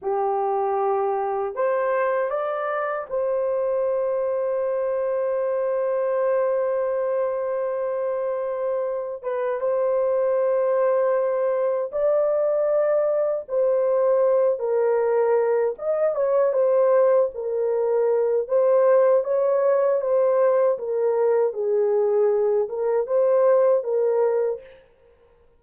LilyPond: \new Staff \with { instrumentName = "horn" } { \time 4/4 \tempo 4 = 78 g'2 c''4 d''4 | c''1~ | c''1 | b'8 c''2. d''8~ |
d''4. c''4. ais'4~ | ais'8 dis''8 cis''8 c''4 ais'4. | c''4 cis''4 c''4 ais'4 | gis'4. ais'8 c''4 ais'4 | }